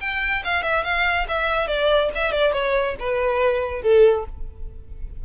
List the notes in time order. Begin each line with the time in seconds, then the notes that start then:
0.00 G5
0.44 F5
0.62 E5
0.84 F5
1.28 E5
1.67 D5
2.15 E5
2.32 D5
2.52 C#5
2.99 B4
3.82 A4